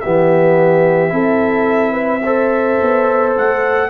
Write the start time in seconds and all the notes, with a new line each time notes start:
0.00 B3 G4 E5
0.06 E3
1.09 C4 E4 A4
1.92 B4
2.24 A4 C5
2.81 B3
3.37 A3 F#5